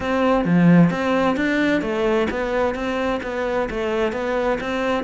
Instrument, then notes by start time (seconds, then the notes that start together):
cello
0.00 C4
0.45 F3
0.90 C4
1.36 D4
1.81 A3
2.30 B3
2.74 C4
3.22 B3
3.70 A3
4.12 B3
4.60 C4